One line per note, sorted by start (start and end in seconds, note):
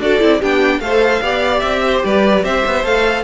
0.00 0.20 D4
0.00 0.20 F#4
0.00 0.40 A4
0.00 0.42 D5
0.20 0.42 C4
0.20 0.41 E4
0.40 0.80 B3
0.40 0.83 D4
0.40 0.80 G4
0.40 0.80 G5
0.80 1.21 A3
0.80 1.23 A4
0.80 1.22 C5
0.80 1.60 F5
1.22 1.63 B3
1.22 2.84 G4
1.22 1.83 D5
1.60 2.03 C4
1.60 2.00 E5
1.87 2.06 C5
2.04 2.44 G3
2.04 2.44 B4
2.04 2.45 D5
2.44 2.64 C4
2.44 3.24 C5
2.44 2.85 E5
2.66 2.84 B3
2.84 3.24 A3
2.84 3.24 A4
2.84 3.24 F5